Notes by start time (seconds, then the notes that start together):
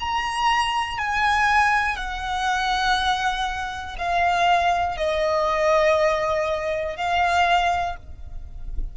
0.00 A#5
0.98 G#5
1.97 F#5
3.98 F5
4.97 D#5
6.97 F5